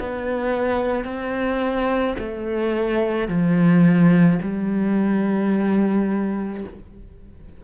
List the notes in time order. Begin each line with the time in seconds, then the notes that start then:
0.00 B3
1.05 C4
2.19 A3
3.28 F3
4.42 G3